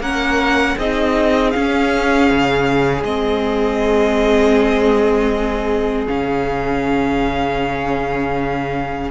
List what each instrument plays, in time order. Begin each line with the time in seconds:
0.00 cello A#3, viola C#4, violin A#4 F#5
0.78 cello C4, viola D#4, violin G#4 D#5
1.52 viola C#4, cello C#4, violin F5
2.31 cello C#3
3.04 cello G#3, viola C4, violin D#5
6.08 cello C#3, viola C#4, violin F5